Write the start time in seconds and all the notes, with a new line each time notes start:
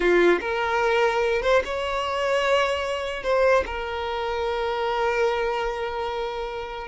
0.00 F4
0.40 A#4
1.42 C5
1.65 C#5
3.23 C5
3.65 A#4